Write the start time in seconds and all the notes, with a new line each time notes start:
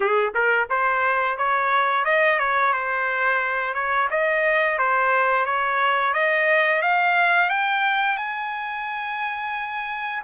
0.00 G#4
0.34 A#4
0.69 C5
1.37 C#5
2.05 D#5
2.39 C#5
2.73 C5
3.74 C#5
4.10 D#5
4.78 C5
5.45 C#5
6.13 D#5
6.82 F5
7.49 G5
8.17 G#5